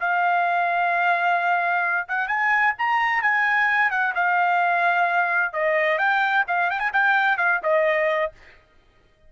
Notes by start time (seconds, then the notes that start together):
0.00 F5
2.09 F#5
2.28 G#5
2.79 A#5
3.22 G#5
3.91 F#5
4.15 F5
5.53 D#5
5.99 G5
6.48 F5
6.70 G5
6.80 G#5
6.93 G5
7.38 F5
7.63 D#5